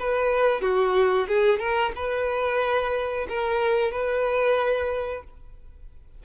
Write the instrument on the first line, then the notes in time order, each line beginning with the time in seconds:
violin
0.00 B4
0.61 F#4
1.28 G#4
1.59 A#4
1.96 B4
3.29 A#4
3.92 B4